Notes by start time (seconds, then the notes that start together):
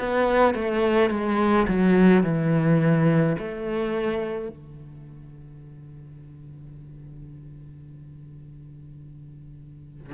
0.00 B3
0.55 A3
1.11 G#3
1.68 F#3
2.24 E3
3.39 A3
4.49 D3